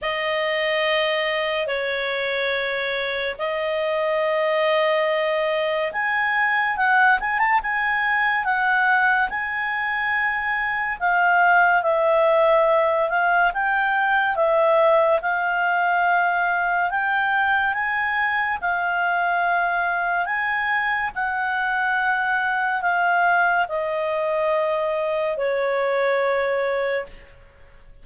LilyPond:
\new Staff \with { instrumentName = "clarinet" } { \time 4/4 \tempo 4 = 71 dis''2 cis''2 | dis''2. gis''4 | fis''8 gis''16 a''16 gis''4 fis''4 gis''4~ | gis''4 f''4 e''4. f''8 |
g''4 e''4 f''2 | g''4 gis''4 f''2 | gis''4 fis''2 f''4 | dis''2 cis''2 | }